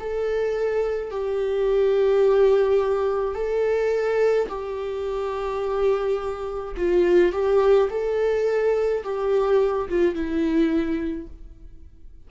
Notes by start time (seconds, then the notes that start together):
0.00 A4
1.11 G4
3.35 A4
4.49 G4
6.77 F4
7.33 G4
7.90 A4
9.04 G4
9.89 F4
10.15 E4